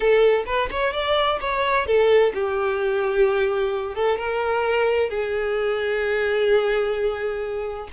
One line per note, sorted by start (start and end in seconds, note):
0.00 0.44 A4
0.45 0.69 B4
0.70 0.93 C#5
0.93 1.39 D5
1.40 1.86 C#5
1.86 2.33 A4
2.34 3.95 G4
3.95 4.18 A4
4.18 5.09 A#4
5.09 7.88 G#4